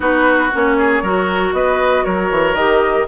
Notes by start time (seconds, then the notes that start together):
0.00 B3 D#4 F#4 B4
0.52 A#3 C#4 C#5
0.78 G#4
1.02 F#3 F#4 A#4
1.53 B3 B4 D#5
2.04 F#3 A#4 C#5
2.30 E3
2.53 D#3 G4 D#5